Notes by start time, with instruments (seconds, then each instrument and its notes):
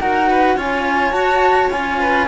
0.00 cello D#4 F#4, violin A#4, flute F#5
0.30 violin B4
0.56 cello C#4 F4, violin C#5, flute G#5
1.11 cello F#4, flute A5
1.71 cello C#4 F4, flute G#5
1.99 violin B4